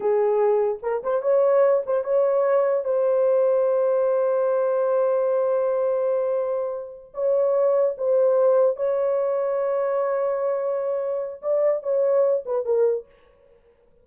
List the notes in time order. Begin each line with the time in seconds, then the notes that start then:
0.00 G#4
0.82 A#4
1.03 C5
1.22 C#5
1.86 C5
2.04 C#5
2.84 C5
7.14 C#5
7.97 C5
8.76 C#5
11.42 D5
11.83 C#5
12.45 B4
12.65 A#4